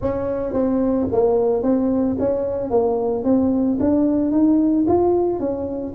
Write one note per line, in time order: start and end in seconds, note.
0.01 0.53 C#4
0.53 1.07 C4
1.12 1.62 A#3
1.62 2.16 C4
2.19 2.70 C#4
2.70 3.24 A#3
3.24 3.78 C4
3.80 4.31 D4
4.31 4.85 D#4
4.87 5.39 F4
5.39 5.93 C#4